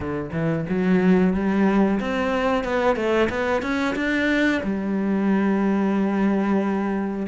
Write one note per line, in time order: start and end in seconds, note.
0.00 0.30 D3
0.32 0.65 E3
0.69 1.33 F#3
1.33 1.99 G3
2.00 2.64 C4
2.64 2.96 B3
2.96 3.28 A3
3.29 3.62 B3
3.62 3.95 C#4
3.95 4.61 D4
4.63 7.26 G3